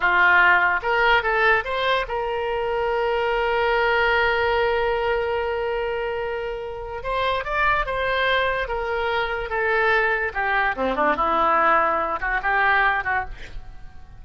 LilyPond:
\new Staff \with { instrumentName = "oboe" } { \time 4/4 \tempo 4 = 145 f'2 ais'4 a'4 | c''4 ais'2.~ | ais'1~ | ais'1~ |
ais'4 c''4 d''4 c''4~ | c''4 ais'2 a'4~ | a'4 g'4 c'8 d'8 e'4~ | e'4. fis'8 g'4. fis'8 | }